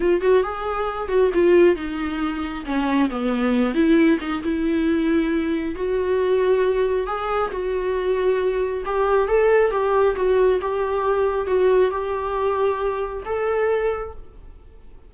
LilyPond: \new Staff \with { instrumentName = "viola" } { \time 4/4 \tempo 4 = 136 f'8 fis'8 gis'4. fis'8 f'4 | dis'2 cis'4 b4~ | b8 e'4 dis'8 e'2~ | e'4 fis'2. |
gis'4 fis'2. | g'4 a'4 g'4 fis'4 | g'2 fis'4 g'4~ | g'2 a'2 | }